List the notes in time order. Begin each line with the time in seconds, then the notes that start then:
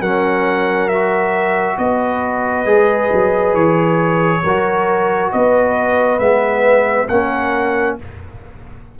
0.00 F#3 C#4 A#4 F#5
0.88 F#4 E5
1.78 B3 B4 D#5
2.65 G#3 G#4
3.12 F#3
3.53 E3 C#5
4.42 F#3 F#4 A#4
5.32 B3 B4 D#5
6.18 G#3 B3 E5
7.08 A#3 C#4 A#4 F#5